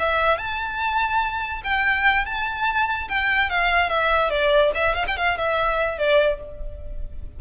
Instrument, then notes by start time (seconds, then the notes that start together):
violin
0.00 E5
0.38 A5
1.64 G5
2.26 A5
3.09 G5
3.50 F5
3.90 E5
4.31 D5
4.75 E5
4.95 F5
5.08 G5
5.17 F5
5.38 E5
5.99 D5